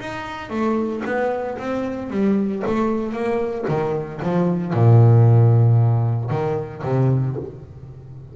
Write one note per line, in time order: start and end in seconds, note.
0.00 0.50 D#4
0.50 1.03 A3
1.05 1.58 B3
1.58 2.10 C4
2.10 2.63 G3
2.67 3.12 A3
3.12 3.65 A#3
3.68 4.21 D#3
4.22 4.73 F3
4.73 6.30 A#2
6.30 6.83 D#3
6.83 7.36 C3